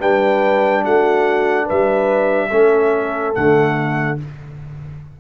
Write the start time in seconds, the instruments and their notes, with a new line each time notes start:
0.00 tuba G3, trombone D4, horn B4, trumpet G5
0.84 tuba A3, horn F#4, trumpet F#5
1.65 tuba G3, horn B4, trumpet E5
2.51 tuba A3, trombone C#4, horn A4
3.34 tuba D3, trombone A3, trumpet F#5